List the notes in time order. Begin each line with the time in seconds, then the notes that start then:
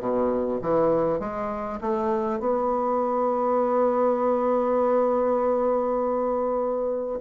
0.00 B2
0.62 E3
1.19 G#3
1.81 A3
2.39 B3